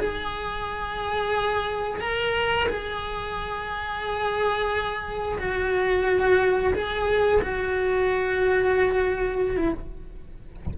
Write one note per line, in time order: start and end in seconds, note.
0.00 2.01 G#4
2.01 2.68 A#4
2.69 5.39 G#4
5.39 6.74 F#4
6.74 7.42 G#4
7.42 9.57 F#4
9.57 9.74 E4